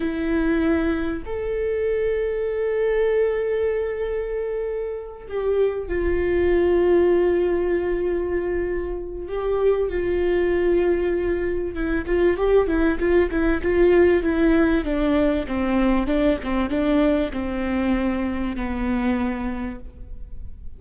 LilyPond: \new Staff \with { instrumentName = "viola" } { \time 4/4 \tempo 4 = 97 e'2 a'2~ | a'1~ | a'8 g'4 f'2~ f'8~ | f'2. g'4 |
f'2. e'8 f'8 | g'8 e'8 f'8 e'8 f'4 e'4 | d'4 c'4 d'8 c'8 d'4 | c'2 b2 | }